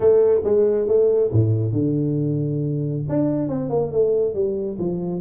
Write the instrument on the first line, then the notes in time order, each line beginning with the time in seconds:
tuba
0.00 A3
0.44 G#3
0.87 A3
1.32 A2
1.72 D3
3.08 D4
3.48 C4
3.69 A#3
3.91 A3
4.34 G3
4.78 F3